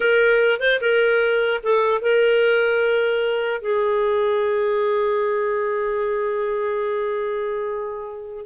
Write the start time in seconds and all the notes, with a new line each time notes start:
0.00 A#4
0.60 C5
0.80 A#4
1.63 A4
2.01 A#4
3.61 G#4